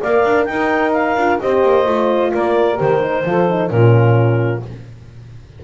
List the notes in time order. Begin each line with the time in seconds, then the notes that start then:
0.00 A#3 A#4 D5 F5
0.24 D4
0.44 D#4 A#4 G5
0.51 D#4
0.92 F5
1.16 D4 F4
1.40 C4 G4 C5 D#5
1.62 A#3
1.85 A3 F4
2.32 A#3 A#4 D5
2.76 D#3 G4 C5
3.01 D#4
3.25 F3 F4 A4
3.49 D#4
3.69 A#2 C#4 F4 A#4